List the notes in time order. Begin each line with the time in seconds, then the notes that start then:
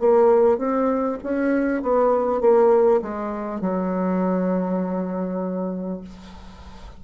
0.00 A#3
0.58 C4
1.23 C#4
1.83 B3
2.41 A#3
3.03 G#3
3.61 F#3